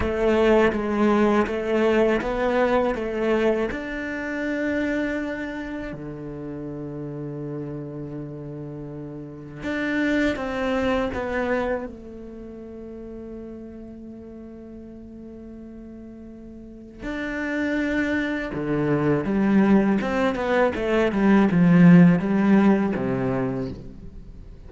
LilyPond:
\new Staff \with { instrumentName = "cello" } { \time 4/4 \tempo 4 = 81 a4 gis4 a4 b4 | a4 d'2. | d1~ | d4 d'4 c'4 b4 |
a1~ | a2. d'4~ | d'4 d4 g4 c'8 b8 | a8 g8 f4 g4 c4 | }